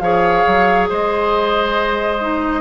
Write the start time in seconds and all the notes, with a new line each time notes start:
0.00 F3 G#4 C#5 F5
0.47 F#3
0.89 G#3 C5 D#5
2.21 D#4